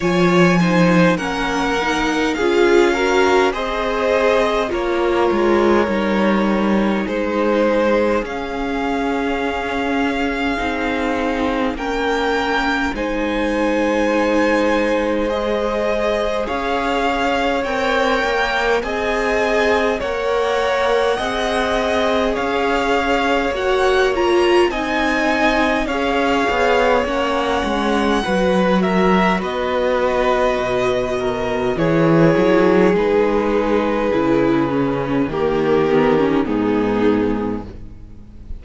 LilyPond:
<<
  \new Staff \with { instrumentName = "violin" } { \time 4/4 \tempo 4 = 51 gis''4 fis''4 f''4 dis''4 | cis''2 c''4 f''4~ | f''2 g''4 gis''4~ | gis''4 dis''4 f''4 g''4 |
gis''4 fis''2 f''4 | fis''8 ais''8 gis''4 f''4 fis''4~ | fis''8 e''8 dis''2 cis''4 | b'2 ais'4 gis'4 | }
  \new Staff \with { instrumentName = "violin" } { \time 4/4 cis''8 c''8 ais'4 gis'8 ais'8 c''4 | ais'2 gis'2~ | gis'2 ais'4 c''4~ | c''2 cis''2 |
dis''4 cis''4 dis''4 cis''4~ | cis''4 dis''4 cis''2 | b'8 ais'8 b'4. ais'8 gis'4~ | gis'2 g'4 dis'4 | }
  \new Staff \with { instrumentName = "viola" } { \time 4/4 f'8 dis'8 cis'8 dis'8 f'8 fis'8 gis'4 | f'4 dis'2 cis'4~ | cis'4 dis'4 cis'4 dis'4~ | dis'4 gis'2 ais'4 |
gis'4 ais'4 gis'2 | fis'8 f'8 dis'4 gis'4 cis'4 | fis'2. e'4 | dis'4 e'8 cis'8 ais8 b16 cis'16 b4 | }
  \new Staff \with { instrumentName = "cello" } { \time 4/4 f4 ais4 cis'4 c'4 | ais8 gis8 g4 gis4 cis'4~ | cis'4 c'4 ais4 gis4~ | gis2 cis'4 c'8 ais8 |
c'4 ais4 c'4 cis'4 | ais4 c'4 cis'8 b8 ais8 gis8 | fis4 b4 b,4 e8 fis8 | gis4 cis4 dis4 gis,4 | }
>>